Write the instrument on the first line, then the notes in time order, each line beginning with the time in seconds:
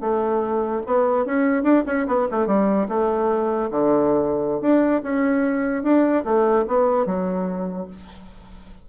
bassoon
0.00 A3
0.86 B3
1.25 C#4
1.63 D4
1.86 C#4
2.07 B3
2.31 A3
2.47 G3
2.88 A3
3.70 D3
4.61 D4
5.02 C#4
5.83 D4
6.24 A3
6.67 B3
7.06 F#3